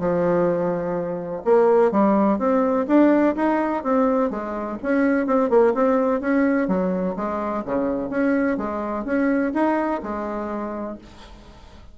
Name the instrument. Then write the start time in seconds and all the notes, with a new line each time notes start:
bassoon
0.00 F3
1.45 A#3
1.92 G3
2.39 C4
2.88 D4
3.36 D#4
3.84 C4
4.31 G#3
4.83 C#4
5.27 C4
5.50 A#3
5.74 C4
6.21 C#4
6.68 F#3
7.17 G#3
7.66 C#3
8.10 C#4
8.58 G#3
9.05 C#4
9.54 D#4
10.03 G#3